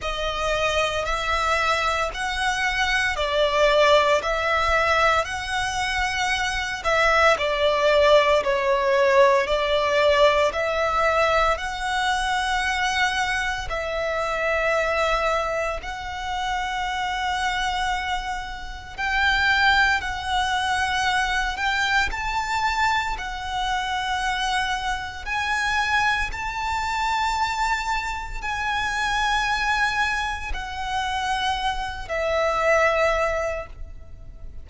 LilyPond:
\new Staff \with { instrumentName = "violin" } { \time 4/4 \tempo 4 = 57 dis''4 e''4 fis''4 d''4 | e''4 fis''4. e''8 d''4 | cis''4 d''4 e''4 fis''4~ | fis''4 e''2 fis''4~ |
fis''2 g''4 fis''4~ | fis''8 g''8 a''4 fis''2 | gis''4 a''2 gis''4~ | gis''4 fis''4. e''4. | }